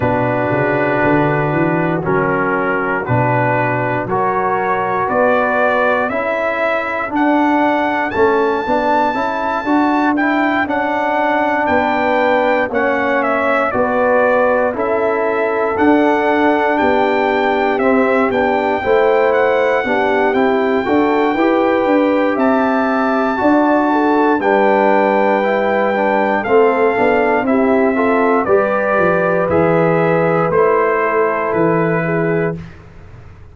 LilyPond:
<<
  \new Staff \with { instrumentName = "trumpet" } { \time 4/4 \tempo 4 = 59 b'2 ais'4 b'4 | cis''4 d''4 e''4 fis''4 | a''2 g''8 fis''4 g''8~ | g''8 fis''8 e''8 d''4 e''4 fis''8~ |
fis''8 g''4 e''8 g''4 fis''4 | g''2 a''2 | g''2 f''4 e''4 | d''4 e''4 c''4 b'4 | }
  \new Staff \with { instrumentName = "horn" } { \time 4/4 fis'1 | ais'4 b'4 a'2~ | a'2.~ a'8 b'8~ | b'8 cis''4 b'4 a'4.~ |
a'8 g'2 c''4 g'8~ | g'8 a'8 b'4 e''4 d''8 a'8 | b'2 a'4 g'8 a'8 | b'2~ b'8 a'4 gis'8 | }
  \new Staff \with { instrumentName = "trombone" } { \time 4/4 d'2 cis'4 d'4 | fis'2 e'4 d'4 | cis'8 d'8 e'8 fis'8 e'8 d'4.~ | d'8 cis'4 fis'4 e'4 d'8~ |
d'4. c'8 d'8 e'4 d'8 | e'8 fis'8 g'2 fis'4 | d'4 e'8 d'8 c'8 d'8 e'8 f'8 | g'4 gis'4 e'2 | }
  \new Staff \with { instrumentName = "tuba" } { \time 4/4 b,8 cis8 d8 e8 fis4 b,4 | fis4 b4 cis'4 d'4 | a8 b8 cis'8 d'4 cis'4 b8~ | b8 ais4 b4 cis'4 d'8~ |
d'8 b4 c'8 b8 a4 b8 | c'8 d'8 e'8 d'8 c'4 d'4 | g2 a8 b8 c'4 | g8 f8 e4 a4 e4 | }
>>